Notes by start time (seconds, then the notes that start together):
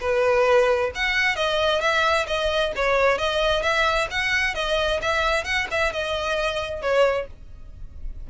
0.00 B4
0.95 F#5
1.36 D#5
1.81 E5
2.27 D#5
2.76 C#5
3.18 D#5
3.62 E5
4.11 F#5
4.55 D#5
5.02 E5
5.44 F#5
5.71 E5
5.92 D#5
6.82 C#5